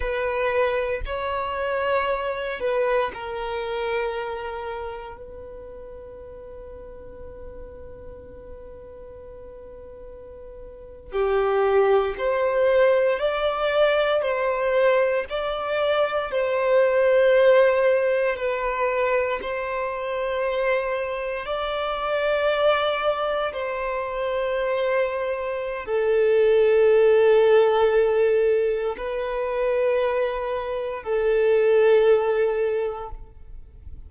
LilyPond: \new Staff \with { instrumentName = "violin" } { \time 4/4 \tempo 4 = 58 b'4 cis''4. b'8 ais'4~ | ais'4 b'2.~ | b'2~ b'8. g'4 c''16~ | c''8. d''4 c''4 d''4 c''16~ |
c''4.~ c''16 b'4 c''4~ c''16~ | c''8. d''2 c''4~ c''16~ | c''4 a'2. | b'2 a'2 | }